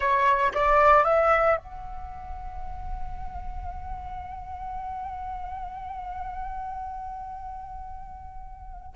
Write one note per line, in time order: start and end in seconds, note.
0.00 0.52 C#5
0.54 1.04 D5
1.04 1.56 E5
1.56 8.93 F#5